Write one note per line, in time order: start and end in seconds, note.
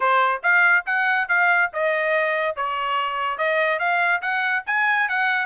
0.00 0.42 C5
0.42 0.85 F5
0.86 1.28 F#5
1.28 1.70 F5
1.73 2.56 D#5
2.56 3.38 C#5
3.38 3.79 D#5
3.79 4.21 F5
4.21 4.63 F#5
4.66 5.08 G#5
5.08 5.46 F#5